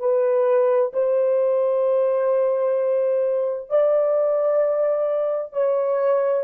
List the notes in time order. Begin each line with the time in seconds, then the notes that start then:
0.00 B4
0.94 C5
3.70 D5
5.53 C#5